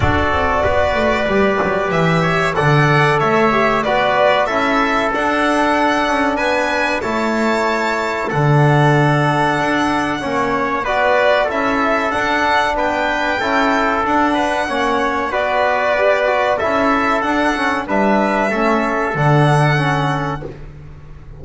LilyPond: <<
  \new Staff \with { instrumentName = "violin" } { \time 4/4 \tempo 4 = 94 d''2. e''4 | fis''4 e''4 d''4 e''4 | fis''2 gis''4 a''4~ | a''4 fis''2.~ |
fis''4 d''4 e''4 fis''4 | g''2 fis''2 | d''2 e''4 fis''4 | e''2 fis''2 | }
  \new Staff \with { instrumentName = "trumpet" } { \time 4/4 a'4 b'2~ b'8 cis''8 | d''4 cis''4 b'4 a'4~ | a'2 b'4 cis''4~ | cis''4 a'2. |
cis''4 b'4 a'2 | b'4 a'4. b'8 cis''4 | b'2 a'2 | b'4 a'2. | }
  \new Staff \with { instrumentName = "trombone" } { \time 4/4 fis'2 g'2 | a'4. g'8 fis'4 e'4 | d'2. e'4~ | e'4 d'2. |
cis'4 fis'4 e'4 d'4~ | d'4 e'4 d'4 cis'4 | fis'4 g'8 fis'8 e'4 d'8 cis'8 | d'4 cis'4 d'4 cis'4 | }
  \new Staff \with { instrumentName = "double bass" } { \time 4/4 d'8 c'8 b8 a8 g8 fis8 e4 | d4 a4 b4 cis'4 | d'4. cis'8 b4 a4~ | a4 d2 d'4 |
ais4 b4 cis'4 d'4 | b4 cis'4 d'4 ais4 | b2 cis'4 d'4 | g4 a4 d2 | }
>>